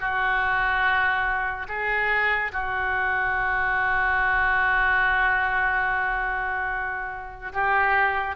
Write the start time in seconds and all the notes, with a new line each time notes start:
0.00 F#4
1.68 G#4
2.52 F#4
7.53 G4